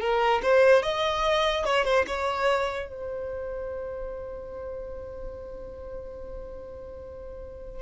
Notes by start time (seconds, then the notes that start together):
0.00 A#4
0.42 C5
0.83 D#5
1.65 C#5
1.84 C5
2.07 C#5
2.89 C5